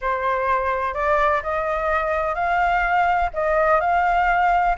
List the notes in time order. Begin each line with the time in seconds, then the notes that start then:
0.01 C5
0.94 D5
1.43 D#5
2.34 F5
3.33 D#5
3.80 F5